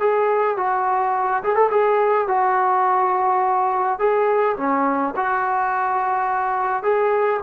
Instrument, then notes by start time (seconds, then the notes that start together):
trombone
0.00 G#4
0.57 F#4
1.43 G#4
1.56 A4
1.71 G#4
2.28 F#4
3.99 G#4
4.57 C#4
5.16 F#4
6.83 G#4